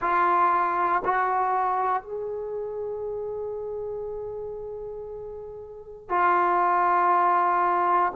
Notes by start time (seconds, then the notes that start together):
0.00 F4
1.04 F#4
2.02 G#4
6.09 F4